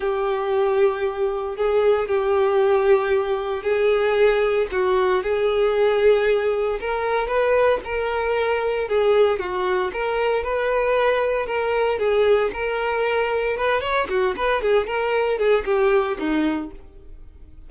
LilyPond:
\new Staff \with { instrumentName = "violin" } { \time 4/4 \tempo 4 = 115 g'2. gis'4 | g'2. gis'4~ | gis'4 fis'4 gis'2~ | gis'4 ais'4 b'4 ais'4~ |
ais'4 gis'4 fis'4 ais'4 | b'2 ais'4 gis'4 | ais'2 b'8 cis''8 fis'8 b'8 | gis'8 ais'4 gis'8 g'4 dis'4 | }